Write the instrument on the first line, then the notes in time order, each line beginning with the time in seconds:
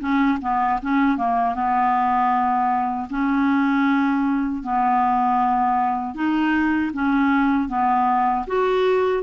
clarinet
0.00 C#4
0.41 B3
0.82 C#4
1.17 A#3
1.54 B3
3.09 C#4
4.63 B3
6.14 D#4
6.93 C#4
7.69 B3
8.47 F#4